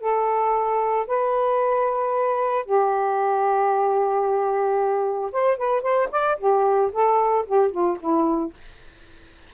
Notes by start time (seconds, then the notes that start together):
0.00 A4
1.07 B4
2.65 G4
5.32 C5
5.57 B4
5.82 C5
6.11 D5
6.38 G4
6.92 A4
7.46 G4
7.71 F4
8.00 E4